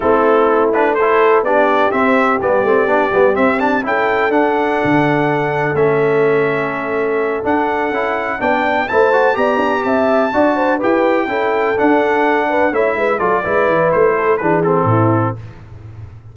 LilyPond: <<
  \new Staff \with { instrumentName = "trumpet" } { \time 4/4 \tempo 4 = 125 a'4. b'8 c''4 d''4 | e''4 d''2 e''8 a''8 | g''4 fis''2. | e''2.~ e''8 fis''8~ |
fis''4. g''4 a''4 ais''8~ | ais''8 a''2 g''4.~ | g''8 fis''2 e''4 d''8~ | d''4 c''4 b'8 a'4. | }
  \new Staff \with { instrumentName = "horn" } { \time 4/4 e'2 a'4 g'4~ | g'1 | a'1~ | a'1~ |
a'4. d''4 c''4 d''8 | d'8 e''4 d''8 c''8 b'4 a'8~ | a'2 b'8 cis''8 b'8 a'8 | b'4. a'8 gis'4 e'4 | }
  \new Staff \with { instrumentName = "trombone" } { \time 4/4 c'4. d'8 e'4 d'4 | c'4 b8 c'8 d'8 b8 c'8 d'8 | e'4 d'2. | cis'2.~ cis'8 d'8~ |
d'8 e'4 d'4 e'8 fis'8 g'8~ | g'4. fis'4 g'4 e'8~ | e'8 d'2 e'4 f'8 | e'2 d'8 c'4. | }
  \new Staff \with { instrumentName = "tuba" } { \time 4/4 a2. b4 | c'4 g8 a8 b8 g8 c'4 | cis'4 d'4 d2 | a2.~ a8 d'8~ |
d'8 cis'4 b4 a4 b8~ | b8 c'4 d'4 e'4 cis'8~ | cis'8 d'2 a8 gis8 fis8 | gis8 e8 a4 e4 a,4 | }
>>